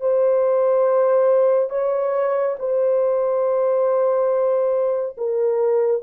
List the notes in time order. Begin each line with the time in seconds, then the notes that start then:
0.00 C5
1.70 C#5
2.59 C5
5.17 A#4